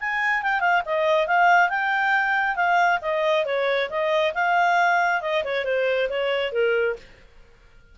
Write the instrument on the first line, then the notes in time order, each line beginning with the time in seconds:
clarinet
0.00 G#5
0.42 G5
0.60 F5
0.85 D#5
1.27 F5
1.69 G5
2.56 F5
3.01 D#5
3.45 C#5
3.90 D#5
4.34 F5
5.21 D#5
5.44 C#5
5.65 C5
6.09 C#5
6.52 A#4